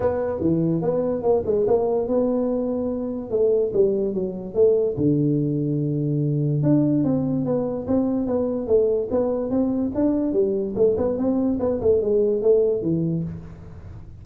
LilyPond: \new Staff \with { instrumentName = "tuba" } { \time 4/4 \tempo 4 = 145 b4 e4 b4 ais8 gis8 | ais4 b2. | a4 g4 fis4 a4 | d1 |
d'4 c'4 b4 c'4 | b4 a4 b4 c'4 | d'4 g4 a8 b8 c'4 | b8 a8 gis4 a4 e4 | }